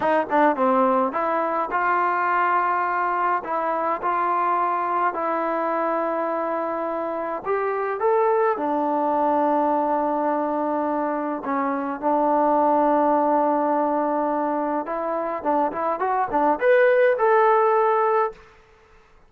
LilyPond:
\new Staff \with { instrumentName = "trombone" } { \time 4/4 \tempo 4 = 105 dis'8 d'8 c'4 e'4 f'4~ | f'2 e'4 f'4~ | f'4 e'2.~ | e'4 g'4 a'4 d'4~ |
d'1 | cis'4 d'2.~ | d'2 e'4 d'8 e'8 | fis'8 d'8 b'4 a'2 | }